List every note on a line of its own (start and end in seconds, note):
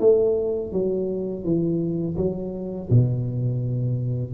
0.00 0.72 A3
0.73 1.45 F#3
1.45 2.17 E3
2.18 2.90 F#3
2.90 4.34 B2